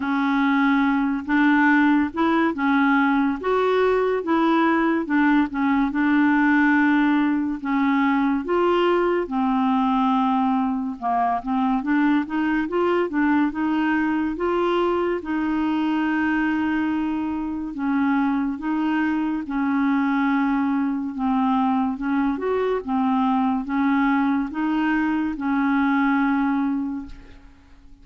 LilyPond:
\new Staff \with { instrumentName = "clarinet" } { \time 4/4 \tempo 4 = 71 cis'4. d'4 e'8 cis'4 | fis'4 e'4 d'8 cis'8 d'4~ | d'4 cis'4 f'4 c'4~ | c'4 ais8 c'8 d'8 dis'8 f'8 d'8 |
dis'4 f'4 dis'2~ | dis'4 cis'4 dis'4 cis'4~ | cis'4 c'4 cis'8 fis'8 c'4 | cis'4 dis'4 cis'2 | }